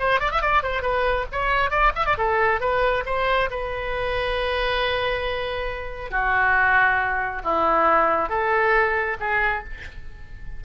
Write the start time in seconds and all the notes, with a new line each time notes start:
0.00 C5
0.21 D5
0.32 E5
0.42 D5
0.63 C5
0.82 B4
1.32 C#5
1.71 D5
1.96 E5
2.06 D5
2.18 A4
2.61 B4
3.06 C5
3.51 B4
6.11 F#4
7.44 E4
8.30 A4
9.20 G#4